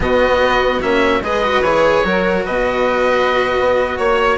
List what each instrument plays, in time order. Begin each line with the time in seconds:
0.00 bassoon B2, cello B3, violin F#4, oboe D#5
0.41 bassoon B3
0.81 bassoon A#3, cello C#4, oboe E5
1.20 bassoon G#3, cello G#4, violin B4, oboe D#5
1.43 cello F#4
1.62 bassoon E3, cello G#4, oboe C#5
2.04 bassoon F#3, cello F#4, violin A#4
2.45 bassoon B2, violin B4, oboe D#5
3.59 bassoon B3
3.97 bassoon A#3, violin C#5, oboe C#5